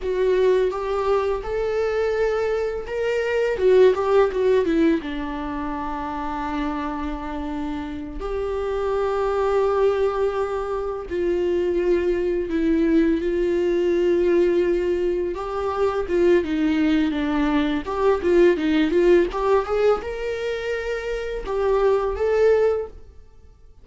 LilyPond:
\new Staff \with { instrumentName = "viola" } { \time 4/4 \tempo 4 = 84 fis'4 g'4 a'2 | ais'4 fis'8 g'8 fis'8 e'8 d'4~ | d'2.~ d'8 g'8~ | g'2.~ g'8 f'8~ |
f'4. e'4 f'4.~ | f'4. g'4 f'8 dis'4 | d'4 g'8 f'8 dis'8 f'8 g'8 gis'8 | ais'2 g'4 a'4 | }